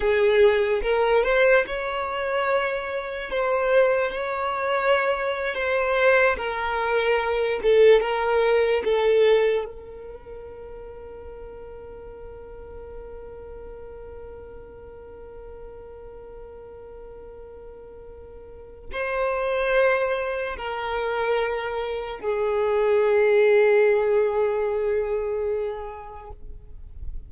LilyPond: \new Staff \with { instrumentName = "violin" } { \time 4/4 \tempo 4 = 73 gis'4 ais'8 c''8 cis''2 | c''4 cis''4.~ cis''16 c''4 ais'16~ | ais'4~ ais'16 a'8 ais'4 a'4 ais'16~ | ais'1~ |
ais'1~ | ais'2. c''4~ | c''4 ais'2 gis'4~ | gis'1 | }